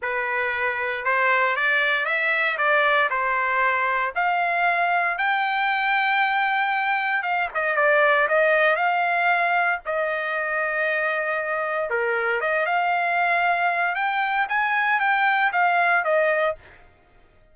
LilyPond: \new Staff \with { instrumentName = "trumpet" } { \time 4/4 \tempo 4 = 116 b'2 c''4 d''4 | e''4 d''4 c''2 | f''2 g''2~ | g''2 f''8 dis''8 d''4 |
dis''4 f''2 dis''4~ | dis''2. ais'4 | dis''8 f''2~ f''8 g''4 | gis''4 g''4 f''4 dis''4 | }